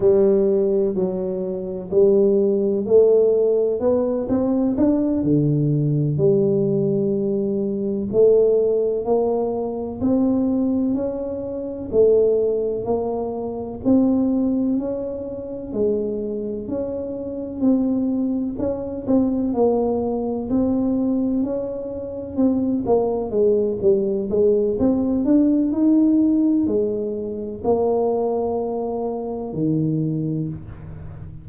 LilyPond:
\new Staff \with { instrumentName = "tuba" } { \time 4/4 \tempo 4 = 63 g4 fis4 g4 a4 | b8 c'8 d'8 d4 g4.~ | g8 a4 ais4 c'4 cis'8~ | cis'8 a4 ais4 c'4 cis'8~ |
cis'8 gis4 cis'4 c'4 cis'8 | c'8 ais4 c'4 cis'4 c'8 | ais8 gis8 g8 gis8 c'8 d'8 dis'4 | gis4 ais2 dis4 | }